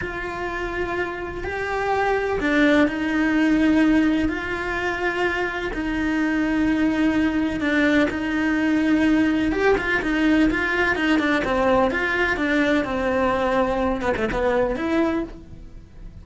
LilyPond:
\new Staff \with { instrumentName = "cello" } { \time 4/4 \tempo 4 = 126 f'2. g'4~ | g'4 d'4 dis'2~ | dis'4 f'2. | dis'1 |
d'4 dis'2. | g'8 f'8 dis'4 f'4 dis'8 d'8 | c'4 f'4 d'4 c'4~ | c'4. b16 a16 b4 e'4 | }